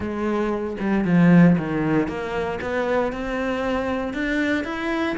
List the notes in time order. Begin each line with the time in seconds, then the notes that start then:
0.00 G#3
0.79 G3
1.05 F3
1.58 D#3
2.08 A#3
2.61 B3
3.12 C4
4.13 D4
4.64 E4